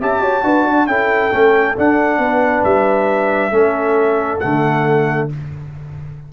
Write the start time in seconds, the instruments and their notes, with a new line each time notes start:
0.00 tuba C#4, trombone G4, horn E5, trumpet A5
0.20 tuba F#4, horn C#5
0.43 tuba D4, trombone F#4, horn B4
0.64 horn D4
0.86 tuba C#4, trombone E4, horn A4, trumpet G5
1.31 tuba A3, trombone C#4
1.75 trombone D4, tuba D4, trumpet F#5
2.18 tuba B3, horn B4
2.63 tuba G3, trumpet E5
3.50 tuba A3, trombone C#4, horn A4
4.39 tuba D3, trombone A3, trumpet F#5